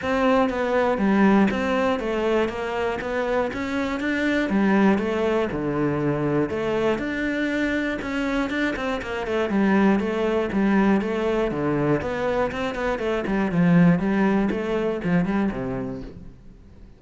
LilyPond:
\new Staff \with { instrumentName = "cello" } { \time 4/4 \tempo 4 = 120 c'4 b4 g4 c'4 | a4 ais4 b4 cis'4 | d'4 g4 a4 d4~ | d4 a4 d'2 |
cis'4 d'8 c'8 ais8 a8 g4 | a4 g4 a4 d4 | b4 c'8 b8 a8 g8 f4 | g4 a4 f8 g8 c4 | }